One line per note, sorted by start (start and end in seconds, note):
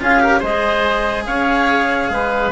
0.00 0.42 C#4
0.00 0.19 F4
0.00 0.23 G#4
0.00 0.42 F5
0.19 0.40 G4
0.19 0.39 A#4
0.39 1.26 G#3
0.39 2.51 G#4
0.39 1.23 C5
0.39 1.25 D#5
1.25 2.09 C#4
1.25 2.11 C#5
1.25 2.52 F5
2.09 2.51 G#3
2.09 2.52 B4